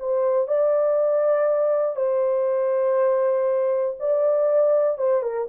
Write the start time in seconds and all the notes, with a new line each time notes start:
0.00 C5
0.48 D5
1.96 C5
4.00 D5
4.99 C5
5.23 A#4